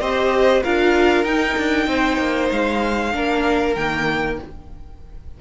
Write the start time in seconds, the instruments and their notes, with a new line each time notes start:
0.00 cello C4, viola G4, violin C5 D#5
0.63 cello D4, viola F4, violin A#4 F5
1.24 cello D#4, viola D#4, violin G5
1.58 cello D4
1.87 cello C4, violin C5
2.18 cello A#3
2.51 cello G#3, violin F5
3.12 cello A#3, viola D4, violin A#4
3.75 cello D#3, viola A#3, violin G5